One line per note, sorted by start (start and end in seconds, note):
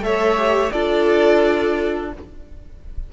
0.00 0.70 A3
0.00 0.37 A4
0.00 0.73 C#5
0.00 0.71 E5
0.37 0.72 G4
0.71 2.13 D4
0.71 2.12 F4
0.71 2.12 A4
0.71 2.11 D5